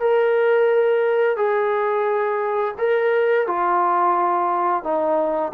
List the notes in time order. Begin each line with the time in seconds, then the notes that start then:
0.00 A#4
1.37 G#4
2.79 A#4
3.47 F4
4.84 D#4